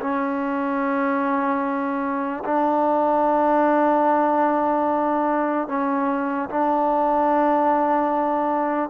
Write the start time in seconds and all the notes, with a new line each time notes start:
0.00 C#4
2.44 D4
5.68 C#4
6.49 D4